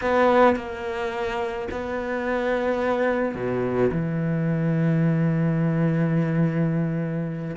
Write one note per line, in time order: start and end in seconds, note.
0.01 0.56 B3
0.56 1.68 A#3
1.71 3.34 B3
3.34 3.90 B2
3.91 7.56 E3